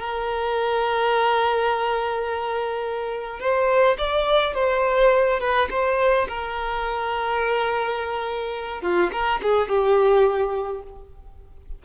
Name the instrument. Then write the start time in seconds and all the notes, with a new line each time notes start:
violin
0.00 A#4
3.40 C5
3.98 D5
4.55 C5
5.40 B4
5.70 C5
6.28 A#4
8.82 F4
9.12 A#4
9.43 G#4
9.69 G4